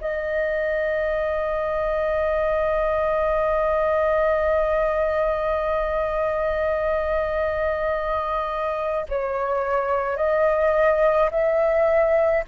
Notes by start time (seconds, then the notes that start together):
0.00 D#5
9.08 C#5
10.16 D#5
11.31 E5